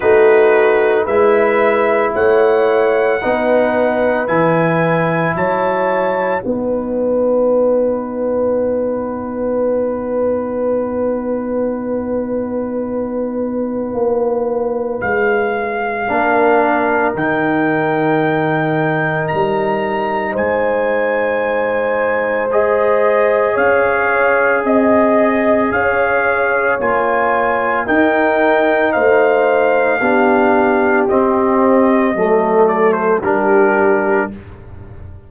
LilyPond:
<<
  \new Staff \with { instrumentName = "trumpet" } { \time 4/4 \tempo 4 = 56 b'4 e''4 fis''2 | gis''4 a''4 fis''2~ | fis''1~ | fis''2 f''2 |
g''2 ais''4 gis''4~ | gis''4 dis''4 f''4 dis''4 | f''4 gis''4 g''4 f''4~ | f''4 dis''4. d''16 c''16 ais'4 | }
  \new Staff \with { instrumentName = "horn" } { \time 4/4 fis'4 b'4 cis''4 b'4~ | b'4 cis''4 b'2~ | b'1~ | b'2. ais'4~ |
ais'2. c''4~ | c''2 cis''4 dis''4 | cis''2 ais'4 c''4 | g'2 a'4 g'4 | }
  \new Staff \with { instrumentName = "trombone" } { \time 4/4 dis'4 e'2 dis'4 | e'2 dis'2~ | dis'1~ | dis'2. d'4 |
dis'1~ | dis'4 gis'2.~ | gis'4 f'4 dis'2 | d'4 c'4 a4 d'4 | }
  \new Staff \with { instrumentName = "tuba" } { \time 4/4 a4 gis4 a4 b4 | e4 fis4 b2~ | b1~ | b4 ais4 gis4 ais4 |
dis2 g4 gis4~ | gis2 cis'4 c'4 | cis'4 ais4 dis'4 a4 | b4 c'4 fis4 g4 | }
>>